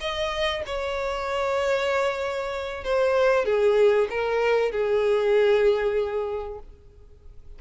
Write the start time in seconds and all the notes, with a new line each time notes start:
0.00 D#5
0.66 C#5
2.84 C5
3.45 G#4
4.10 A#4
4.71 G#4